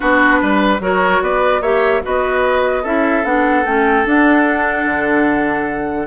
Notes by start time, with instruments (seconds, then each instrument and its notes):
0.00 bassoon B3, clarinet D4, oboe F#4, flute B4
0.41 bassoon G3, oboe B4
0.80 bassoon F#3, clarinet F#4, oboe A#4, flute C#5
1.21 bassoon B3, oboe B4, flute D5
1.60 bassoon A#3, clarinet G4, oboe C#5, flute E5
2.02 bassoon B3, clarinet F#4, oboe B4, flute D#5
2.82 bassoon C#4, clarinet E4, oboe A4, flute E5
3.24 bassoon B3, clarinet D4, flute F#5
3.65 bassoon A3, clarinet C#4, flute G5
4.04 clarinet D4, bassoon D4, flute F#5
4.85 bassoon D3